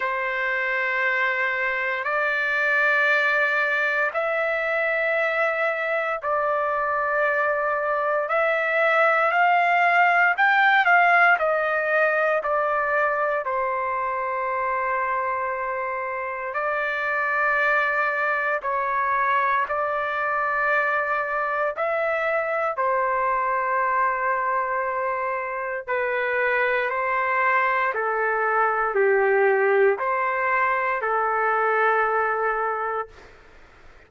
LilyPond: \new Staff \with { instrumentName = "trumpet" } { \time 4/4 \tempo 4 = 58 c''2 d''2 | e''2 d''2 | e''4 f''4 g''8 f''8 dis''4 | d''4 c''2. |
d''2 cis''4 d''4~ | d''4 e''4 c''2~ | c''4 b'4 c''4 a'4 | g'4 c''4 a'2 | }